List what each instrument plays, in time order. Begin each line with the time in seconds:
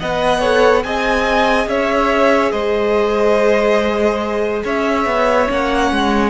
0.00 cello B3, viola B4, violin D#5 F#5
0.41 viola A4, violin C#5
0.84 cello C4, viola G#4, violin D#5 G#5
1.67 cello C#4, violin C#5 E5
2.52 cello G#3, violin C5 D#5
4.64 cello C#4, violin C#5 E5
5.06 cello B3
5.47 cello A#3, viola C#4, violin F#5
5.92 cello G#3